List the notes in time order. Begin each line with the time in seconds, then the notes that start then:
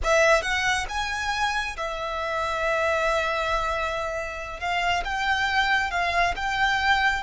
0.03 E5
0.42 F#5
0.88 G#5
1.76 E5
4.60 F5
5.04 G5
5.90 F5
6.36 G5